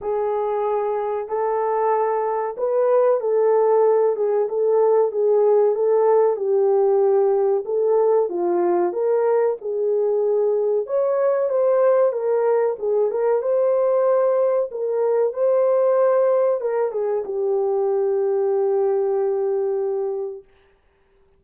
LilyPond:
\new Staff \with { instrumentName = "horn" } { \time 4/4 \tempo 4 = 94 gis'2 a'2 | b'4 a'4. gis'8 a'4 | gis'4 a'4 g'2 | a'4 f'4 ais'4 gis'4~ |
gis'4 cis''4 c''4 ais'4 | gis'8 ais'8 c''2 ais'4 | c''2 ais'8 gis'8 g'4~ | g'1 | }